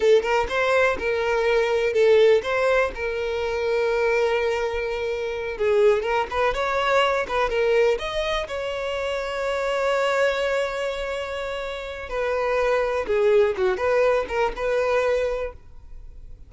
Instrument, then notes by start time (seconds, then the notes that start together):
violin
0.00 A4
0.22 A#4
0.48 C5
0.99 A#4
1.93 A4
2.42 C5
2.95 A#4
5.57 G#4
6.02 A#4
6.30 B4
6.53 C#5
7.27 B4
7.49 A#4
7.98 D#5
8.47 C#5
12.09 B4
13.06 G#4
13.57 F#4
13.77 B4
14.28 A#4
14.56 B4